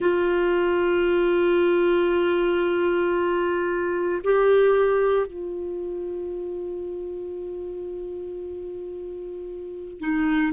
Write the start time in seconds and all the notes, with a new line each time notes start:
0.00 F4
4.23 G4
5.26 F4
10.00 D#4